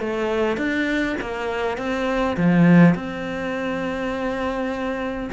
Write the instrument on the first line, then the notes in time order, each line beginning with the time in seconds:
cello
0.00 A3
0.57 D4
1.21 A#3
1.78 C4
2.37 F3
2.95 C4